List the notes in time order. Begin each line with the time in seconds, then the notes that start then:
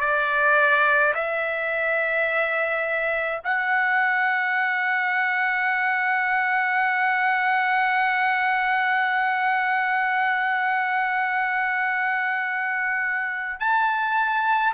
0.00 D5
1.15 E5
3.44 F#5
13.60 A5